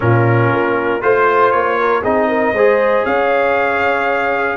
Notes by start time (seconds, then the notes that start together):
0.00 A#2 C#4 F4 A#4
0.51 A#3
1.01 A3 F4 C5
1.51 A#3 C#5
1.80 A#4
2.01 C4 D#4 G#4 D#5
2.28 A#4
2.52 G#3 G#4 C5
3.04 C#4 C#5 F5